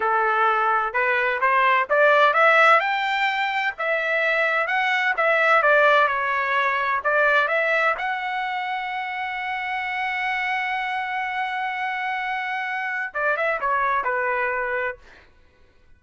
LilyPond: \new Staff \with { instrumentName = "trumpet" } { \time 4/4 \tempo 4 = 128 a'2 b'4 c''4 | d''4 e''4 g''2 | e''2 fis''4 e''4 | d''4 cis''2 d''4 |
e''4 fis''2.~ | fis''1~ | fis''1 | d''8 e''8 cis''4 b'2 | }